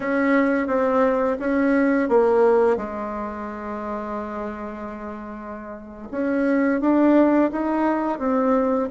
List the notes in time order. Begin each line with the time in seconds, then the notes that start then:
0.00 C#4
0.67 C4
1.39 C#4
2.09 A#3
2.77 G#3
6.10 C#4
6.81 D4
7.51 D#4
8.18 C4